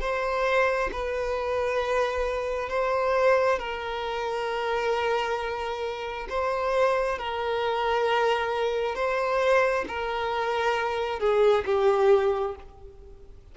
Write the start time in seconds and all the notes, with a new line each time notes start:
0.00 C5
0.92 B4
2.69 C5
3.58 A#4
6.29 C5
7.18 A#4
8.95 C5
9.88 A#4
11.19 G#4
11.65 G4